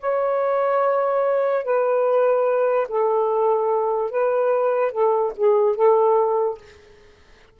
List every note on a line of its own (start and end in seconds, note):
0.00 1.64 C#5
1.64 2.88 B4
2.89 4.11 A4
4.11 4.92 B4
4.92 5.33 A4
5.38 5.76 G#4
5.76 6.58 A4